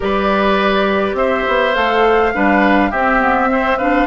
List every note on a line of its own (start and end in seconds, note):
0.00 1.13 G3
0.00 1.73 G4
0.00 1.16 B4
0.00 1.16 D5
1.13 1.42 C4
1.13 2.33 C5
1.13 1.75 E5
1.48 1.75 B3
1.73 2.33 A3
1.73 2.32 A4
1.73 2.91 F5
2.34 2.92 G3
2.34 2.92 D4
2.34 2.90 B4
2.90 4.06 C4
2.90 3.19 C4
2.90 3.48 G4
2.90 3.77 E5
3.19 3.48 B3
3.48 3.78 C4
3.48 3.78 C5
3.77 4.06 D4
3.77 4.06 B4
3.77 4.06 F5